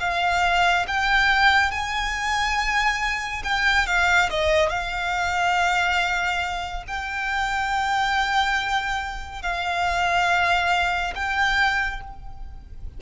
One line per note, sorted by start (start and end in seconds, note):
0.00 0.86 F5
0.88 1.71 G5
1.71 3.43 G#5
3.44 3.87 G5
3.87 4.30 F5
4.30 4.69 D#5
4.69 6.84 F5
6.88 9.42 G5
9.42 11.14 F5
11.15 12.01 G5